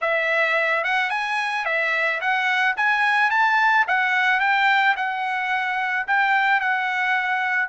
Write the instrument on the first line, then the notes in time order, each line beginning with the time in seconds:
trumpet
0.01 E5
0.84 F#5
1.10 G#5
1.65 E5
2.20 F#5
2.76 G#5
3.30 A5
3.87 F#5
4.40 G5
4.96 F#5
6.07 G5
6.60 F#5